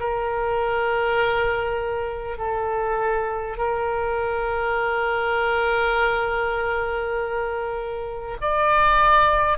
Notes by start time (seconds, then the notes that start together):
0.00 A#4
2.38 A4
3.57 A#4
8.41 D5